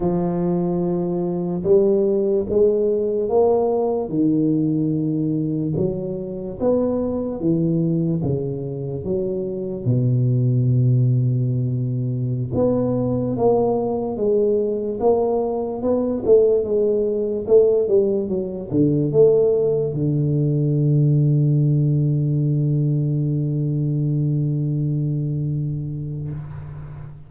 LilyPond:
\new Staff \with { instrumentName = "tuba" } { \time 4/4 \tempo 4 = 73 f2 g4 gis4 | ais4 dis2 fis4 | b4 e4 cis4 fis4 | b,2.~ b,16 b8.~ |
b16 ais4 gis4 ais4 b8 a16~ | a16 gis4 a8 g8 fis8 d8 a8.~ | a16 d2.~ d8.~ | d1 | }